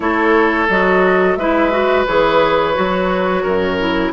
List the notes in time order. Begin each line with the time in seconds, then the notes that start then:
0.00 A3 E4 A4 C#5
0.69 F#3 F#4 D#5
1.35 G#3 E4 B4 E5
1.71 F#4
2.06 E3 G#4 C#5
2.74 F#3 F#4
3.43 F#2 A#4
3.79 E4